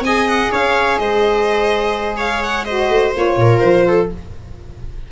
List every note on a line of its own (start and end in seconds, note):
0.00 0.48 C4
0.00 2.66 G#4
0.00 0.51 D#5
0.00 0.28 G#5
0.28 0.51 F#5
0.51 1.00 C#4
0.51 0.99 C#5
0.51 0.98 F5
0.98 2.89 G#3
0.98 2.17 C5
0.98 2.17 D#5
2.17 2.64 C#5
2.17 2.43 F5
2.43 2.65 F#5
2.65 3.14 F#4
2.65 3.37 C5
2.65 3.12 D#5
2.89 3.13 A3
3.14 3.36 A#3
3.14 4.09 F4
3.14 3.59 C#5
3.36 3.60 A#2
3.36 3.87 A#4
3.59 4.10 F3
3.59 4.07 C5
3.87 4.11 A4